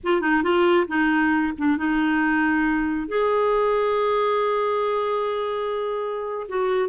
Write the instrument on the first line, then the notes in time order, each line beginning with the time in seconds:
clarinet
0.03 F4
0.21 D#4
0.43 F4
0.87 D#4
1.58 D4
1.77 D#4
3.08 G#4
6.48 F#4